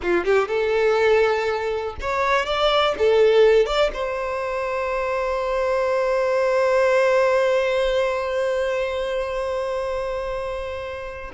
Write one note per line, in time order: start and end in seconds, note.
0.02 0.25 F4
0.25 0.48 G4
0.48 1.95 A4
2.00 2.45 C#5
2.45 2.95 D5
2.98 3.65 A4
3.65 3.90 D5
3.93 11.31 C5